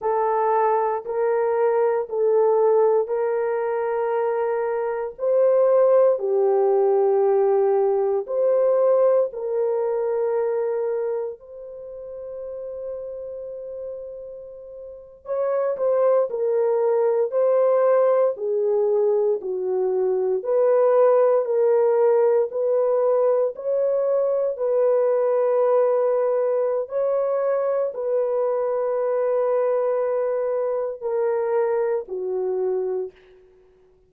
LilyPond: \new Staff \with { instrumentName = "horn" } { \time 4/4 \tempo 4 = 58 a'4 ais'4 a'4 ais'4~ | ais'4 c''4 g'2 | c''4 ais'2 c''4~ | c''2~ c''8. cis''8 c''8 ais'16~ |
ais'8. c''4 gis'4 fis'4 b'16~ | b'8. ais'4 b'4 cis''4 b'16~ | b'2 cis''4 b'4~ | b'2 ais'4 fis'4 | }